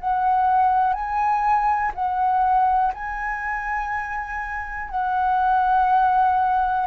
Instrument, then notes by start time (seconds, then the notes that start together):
flute
0.00 F#5
0.94 G#5
1.95 F#5
2.94 G#5
4.90 F#5